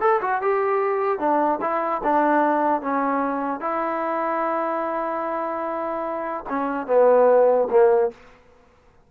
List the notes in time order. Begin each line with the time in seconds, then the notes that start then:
0.00 A4
0.21 F#4
0.41 G4
1.19 D4
1.61 E4
2.03 D4
2.81 C#4
3.60 E4
6.49 C#4
6.87 B3
7.70 A#3